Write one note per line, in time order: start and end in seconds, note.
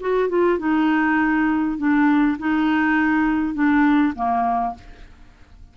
0.00 0.29 F#4
0.29 0.59 F4
0.59 1.78 D#4
1.78 2.37 D4
2.39 3.54 D#4
3.54 4.13 D4
4.15 4.75 A#3